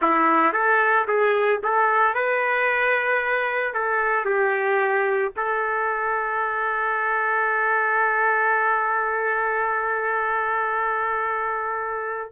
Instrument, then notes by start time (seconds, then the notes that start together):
trumpet
0.01 E4
0.52 A4
1.07 G#4
1.63 A4
2.14 B4
3.74 A4
4.25 G4
5.36 A4